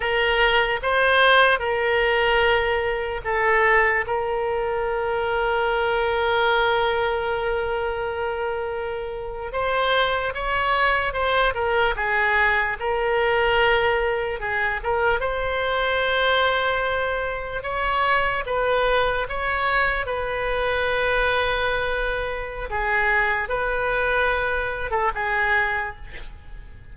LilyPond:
\new Staff \with { instrumentName = "oboe" } { \time 4/4 \tempo 4 = 74 ais'4 c''4 ais'2 | a'4 ais'2.~ | ais'2.~ ais'8. c''16~ | c''8. cis''4 c''8 ais'8 gis'4 ais'16~ |
ais'4.~ ais'16 gis'8 ais'8 c''4~ c''16~ | c''4.~ c''16 cis''4 b'4 cis''16~ | cis''8. b'2.~ b'16 | gis'4 b'4.~ b'16 a'16 gis'4 | }